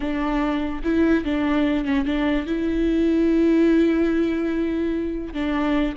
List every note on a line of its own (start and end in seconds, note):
0.00 0.82 D4
0.83 1.24 E4
1.24 1.84 D4
1.84 2.05 C#4
2.05 2.46 D4
2.46 5.33 E4
5.33 5.95 D4